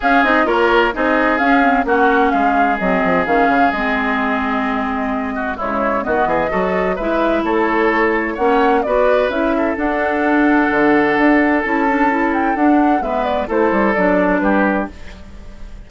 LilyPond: <<
  \new Staff \with { instrumentName = "flute" } { \time 4/4 \tempo 4 = 129 f''8 dis''8 cis''4 dis''4 f''4 | fis''4 f''4 dis''4 f''4 | dis''1 | cis''4 dis''2 e''4 |
cis''2 fis''4 d''4 | e''4 fis''2.~ | fis''4 a''4. g''8 fis''4 | e''8 d''8 c''4 d''4 b'4 | }
  \new Staff \with { instrumentName = "oboe" } { \time 4/4 gis'4 ais'4 gis'2 | fis'4 gis'2.~ | gis'2.~ gis'8 fis'8 | e'4 fis'8 gis'8 a'4 b'4 |
a'2 cis''4 b'4~ | b'8 a'2.~ a'8~ | a'1 | b'4 a'2 g'4 | }
  \new Staff \with { instrumentName = "clarinet" } { \time 4/4 cis'8 dis'8 f'4 dis'4 cis'8 c'8 | cis'2 c'4 cis'4 | c'1 | gis4 b4 fis'4 e'4~ |
e'2 cis'4 fis'4 | e'4 d'2.~ | d'4 e'8 d'8 e'4 d'4 | b4 e'4 d'2 | }
  \new Staff \with { instrumentName = "bassoon" } { \time 4/4 cis'8 c'8 ais4 c'4 cis'4 | ais4 gis4 fis8 f8 dis8 cis8 | gis1 | cis4 dis8 e8 fis4 gis4 |
a2 ais4 b4 | cis'4 d'2 d4 | d'4 cis'2 d'4 | gis4 a8 g8 fis4 g4 | }
>>